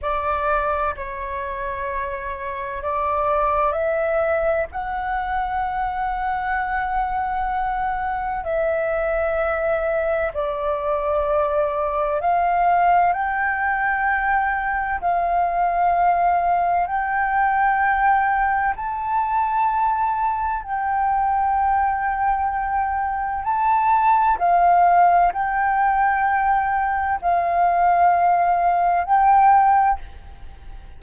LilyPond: \new Staff \with { instrumentName = "flute" } { \time 4/4 \tempo 4 = 64 d''4 cis''2 d''4 | e''4 fis''2.~ | fis''4 e''2 d''4~ | d''4 f''4 g''2 |
f''2 g''2 | a''2 g''2~ | g''4 a''4 f''4 g''4~ | g''4 f''2 g''4 | }